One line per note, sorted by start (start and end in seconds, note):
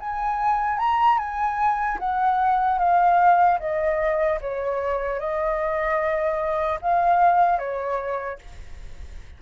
0.00 0.79 G#5
0.79 1.19 A#5
1.19 1.99 G#5
1.99 2.79 F#5
2.79 3.59 F5
3.60 4.40 D#5
4.41 5.20 C#5
5.20 6.80 D#5
6.82 7.59 F5
7.59 8.39 C#5